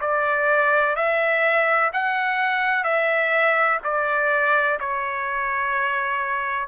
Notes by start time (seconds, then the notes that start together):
0.00 D5
0.95 E5
1.93 F#5
2.84 E5
3.84 D5
4.80 C#5